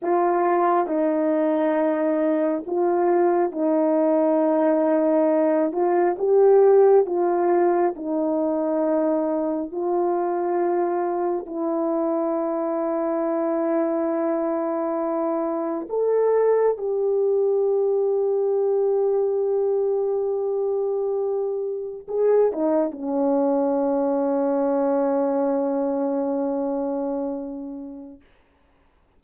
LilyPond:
\new Staff \with { instrumentName = "horn" } { \time 4/4 \tempo 4 = 68 f'4 dis'2 f'4 | dis'2~ dis'8 f'8 g'4 | f'4 dis'2 f'4~ | f'4 e'2.~ |
e'2 a'4 g'4~ | g'1~ | g'4 gis'8 dis'8 cis'2~ | cis'1 | }